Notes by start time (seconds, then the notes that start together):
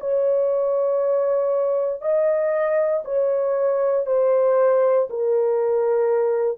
0.00 C#5
2.01 D#5
3.04 C#5
4.06 C5
5.09 A#4